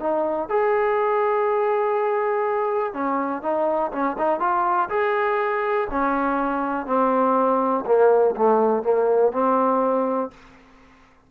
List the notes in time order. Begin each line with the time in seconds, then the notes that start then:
0.00 D#4
0.49 G#4
2.94 C#4
3.43 D#4
3.92 C#4
4.18 D#4
4.40 F4
4.90 G#4
5.91 C#4
6.87 C4
7.86 A#3
8.37 A3
8.83 A#3
9.32 C4